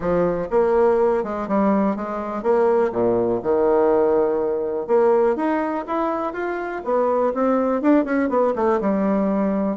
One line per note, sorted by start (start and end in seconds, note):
0.00 0.48 F3
0.50 1.23 A#3
1.23 1.47 G#3
1.47 1.96 G3
1.96 2.43 G#3
2.43 2.91 A#3
2.92 3.40 A#2
3.43 4.87 D#3
4.87 5.35 A#3
5.35 5.84 D#4
5.87 6.33 E4
6.33 6.82 F4
6.84 7.33 B3
7.33 7.81 C4
7.81 8.05 D4
8.05 8.29 C#4
8.29 8.53 B3
8.55 8.80 A3
8.80 9.76 G3